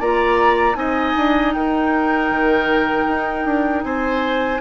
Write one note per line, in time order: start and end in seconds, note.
0.00 0.75 A#3
0.00 0.74 F4
0.00 0.77 D5
0.00 0.76 A#5
0.74 1.14 C4
0.74 4.59 D#4
0.74 1.55 D#5
0.74 1.53 G#5
1.17 1.55 D4
1.53 2.31 D#4
1.53 3.85 A#4
1.53 3.84 G5
2.31 3.08 D#3
3.08 3.46 D#4
3.46 3.84 D4
3.84 4.61 C4
3.84 4.61 C5
3.84 4.61 G#5